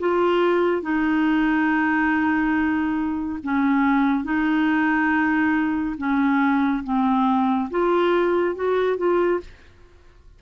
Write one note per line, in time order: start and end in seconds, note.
0.00 0.83 F4
0.83 3.40 D#4
3.44 4.25 C#4
4.25 5.96 D#4
5.98 6.84 C#4
6.84 7.70 C4
7.71 8.56 F4
8.56 8.98 F#4
8.98 9.41 F4